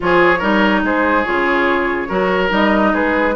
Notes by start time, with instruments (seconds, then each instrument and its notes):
0.00 bassoon F3, clarinet F4, oboe G#4, flute C#5
0.39 bassoon G3, clarinet D#4, oboe A#4
0.83 bassoon G#3, oboe G#4, flute C5
1.23 bassoon C#3, clarinet F4, flute C#5
2.08 bassoon F#3, clarinet F#4, oboe A#4
2.49 bassoon G3, clarinet D#4, flute D#5
2.92 bassoon G#3, oboe G#4, flute B4